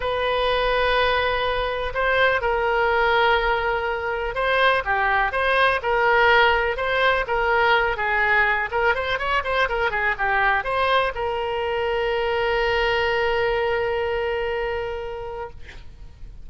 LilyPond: \new Staff \with { instrumentName = "oboe" } { \time 4/4 \tempo 4 = 124 b'1 | c''4 ais'2.~ | ais'4 c''4 g'4 c''4 | ais'2 c''4 ais'4~ |
ais'8 gis'4. ais'8 c''8 cis''8 c''8 | ais'8 gis'8 g'4 c''4 ais'4~ | ais'1~ | ais'1 | }